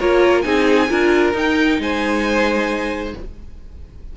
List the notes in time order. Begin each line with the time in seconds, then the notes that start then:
0.00 A#3 F4 A#4 C#5
0.42 C4 D#4 G#4 G#5
0.90 D4 F4 A#4
1.34 D#4 G5
1.79 G#3 C5 G#5